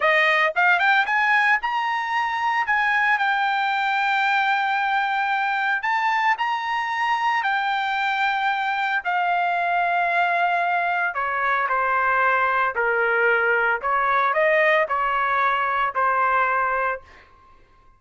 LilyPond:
\new Staff \with { instrumentName = "trumpet" } { \time 4/4 \tempo 4 = 113 dis''4 f''8 g''8 gis''4 ais''4~ | ais''4 gis''4 g''2~ | g''2. a''4 | ais''2 g''2~ |
g''4 f''2.~ | f''4 cis''4 c''2 | ais'2 cis''4 dis''4 | cis''2 c''2 | }